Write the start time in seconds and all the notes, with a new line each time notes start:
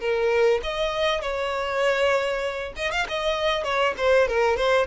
0.00 A#4
0.63 D#5
1.21 C#5
2.76 D#5
2.91 F5
3.08 D#5
3.64 C#5
3.98 C5
4.28 A#4
4.56 C5